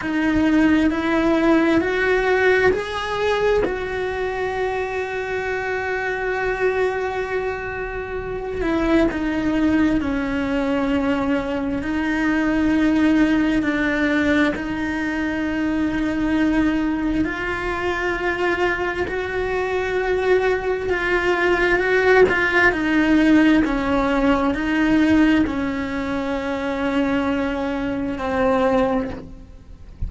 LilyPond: \new Staff \with { instrumentName = "cello" } { \time 4/4 \tempo 4 = 66 dis'4 e'4 fis'4 gis'4 | fis'1~ | fis'4. e'8 dis'4 cis'4~ | cis'4 dis'2 d'4 |
dis'2. f'4~ | f'4 fis'2 f'4 | fis'8 f'8 dis'4 cis'4 dis'4 | cis'2. c'4 | }